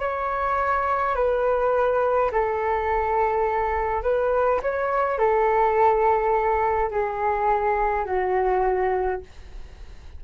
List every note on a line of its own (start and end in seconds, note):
0.00 1.15 C#5
1.15 2.31 B4
2.32 4.03 A4
4.03 4.61 B4
4.62 5.19 C#5
5.19 6.91 A4
6.91 8.06 G#4
8.06 9.21 F#4